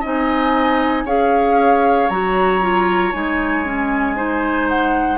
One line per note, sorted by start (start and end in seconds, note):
0.00 1.04 C4
0.00 1.06 D#4
0.00 1.03 D#5
0.00 1.07 G#5
1.04 2.08 C#4
1.04 2.09 G#4
1.04 4.15 C#5
1.04 2.09 F5
2.09 3.12 F#3
2.09 2.61 F#4
2.09 3.12 A#5
2.61 3.12 F4
3.12 5.18 G#3
3.12 3.64 D#4
3.12 4.67 G#5
3.65 4.16 C#4
4.16 5.18 D#4
4.16 5.18 C5
4.68 5.18 F#5